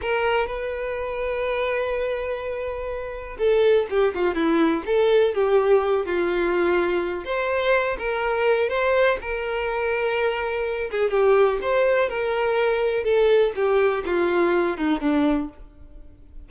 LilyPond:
\new Staff \with { instrumentName = "violin" } { \time 4/4 \tempo 4 = 124 ais'4 b'2.~ | b'2. a'4 | g'8 f'8 e'4 a'4 g'4~ | g'8 f'2~ f'8 c''4~ |
c''8 ais'4. c''4 ais'4~ | ais'2~ ais'8 gis'8 g'4 | c''4 ais'2 a'4 | g'4 f'4. dis'8 d'4 | }